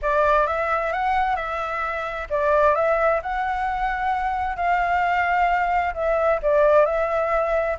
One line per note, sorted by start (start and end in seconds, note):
0.02 0.46 D5
0.46 0.92 E5
0.92 1.36 F#5
1.36 2.27 E5
2.30 2.75 D5
2.75 3.21 E5
3.22 4.56 F#5
4.56 5.93 F5
5.94 6.39 E5
6.42 6.85 D5
6.85 7.77 E5